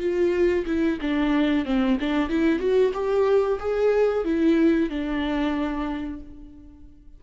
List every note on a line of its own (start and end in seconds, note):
0.00 0.65 F4
0.66 0.99 E4
1.01 1.65 D4
1.65 1.98 C4
2.00 2.29 D4
2.29 2.59 E4
2.59 2.92 F#4
2.93 3.59 G4
3.60 4.24 G#4
4.24 4.89 E4
4.90 6.20 D4